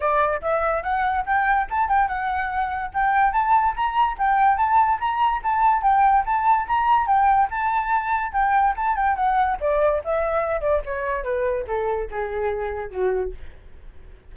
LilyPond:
\new Staff \with { instrumentName = "flute" } { \time 4/4 \tempo 4 = 144 d''4 e''4 fis''4 g''4 | a''8 g''8 fis''2 g''4 | a''4 ais''4 g''4 a''4 | ais''4 a''4 g''4 a''4 |
ais''4 g''4 a''2 | g''4 a''8 g''8 fis''4 d''4 | e''4. d''8 cis''4 b'4 | a'4 gis'2 fis'4 | }